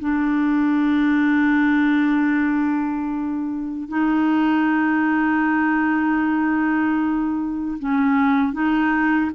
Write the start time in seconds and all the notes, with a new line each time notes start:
0.00 D4
3.89 D#4
7.79 C#4
8.53 D#4